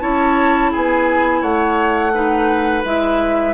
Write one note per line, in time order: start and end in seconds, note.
0.00 0.72 C#4
0.00 2.12 E4
0.00 0.72 C#5
0.00 0.71 A5
0.72 1.42 B3
0.72 1.41 G#4
0.72 1.42 G#5
1.41 2.83 A3
1.41 2.12 C#5
1.41 2.84 F#5
2.13 2.84 D#4
2.13 3.53 B4
2.84 3.53 G#3
2.84 3.53 E4
2.84 3.53 E5